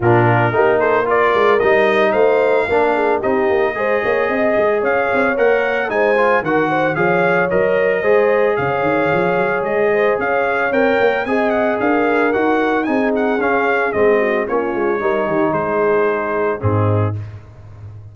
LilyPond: <<
  \new Staff \with { instrumentName = "trumpet" } { \time 4/4 \tempo 4 = 112 ais'4. c''8 d''4 dis''4 | f''2 dis''2~ | dis''4 f''4 fis''4 gis''4 | fis''4 f''4 dis''2 |
f''2 dis''4 f''4 | g''4 gis''8 fis''8 f''4 fis''4 | gis''8 fis''8 f''4 dis''4 cis''4~ | cis''4 c''2 gis'4 | }
  \new Staff \with { instrumentName = "horn" } { \time 4/4 f'4 g'8 a'8 ais'2 | c''4 ais'8 gis'8 g'4 c''8 cis''8 | dis''4 cis''2 c''4 | ais'8 c''8 cis''2 c''4 |
cis''2~ cis''8 c''8 cis''4~ | cis''4 dis''4 ais'2 | gis'2~ gis'8 fis'8 f'4 | ais'8 g'8 gis'2 dis'4 | }
  \new Staff \with { instrumentName = "trombone" } { \time 4/4 d'4 dis'4 f'4 dis'4~ | dis'4 d'4 dis'4 gis'4~ | gis'2 ais'4 dis'8 f'8 | fis'4 gis'4 ais'4 gis'4~ |
gis'1 | ais'4 gis'2 fis'4 | dis'4 cis'4 c'4 cis'4 | dis'2. c'4 | }
  \new Staff \with { instrumentName = "tuba" } { \time 4/4 ais,4 ais4. gis8 g4 | a4 ais4 c'8 ais8 gis8 ais8 | c'8 gis8 cis'8 c'8 ais4 gis4 | dis4 f4 fis4 gis4 |
cis8 dis8 f8 fis8 gis4 cis'4 | c'8 ais8 c'4 d'4 dis'4 | c'4 cis'4 gis4 ais8 gis8 | g8 dis8 gis2 gis,4 | }
>>